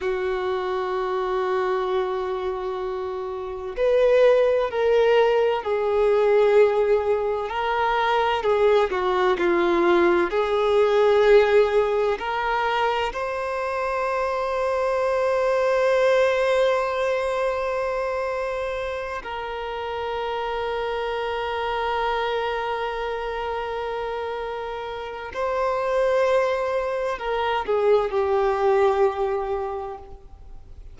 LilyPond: \new Staff \with { instrumentName = "violin" } { \time 4/4 \tempo 4 = 64 fis'1 | b'4 ais'4 gis'2 | ais'4 gis'8 fis'8 f'4 gis'4~ | gis'4 ais'4 c''2~ |
c''1~ | c''8 ais'2.~ ais'8~ | ais'2. c''4~ | c''4 ais'8 gis'8 g'2 | }